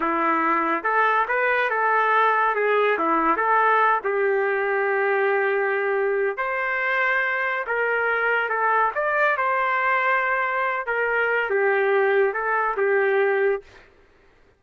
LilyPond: \new Staff \with { instrumentName = "trumpet" } { \time 4/4 \tempo 4 = 141 e'2 a'4 b'4 | a'2 gis'4 e'4 | a'4. g'2~ g'8~ | g'2. c''4~ |
c''2 ais'2 | a'4 d''4 c''2~ | c''4. ais'4. g'4~ | g'4 a'4 g'2 | }